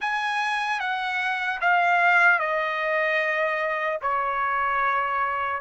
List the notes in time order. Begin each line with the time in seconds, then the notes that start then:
0.00 G#5
0.80 F#5
1.60 F5
2.39 D#5
4.01 C#5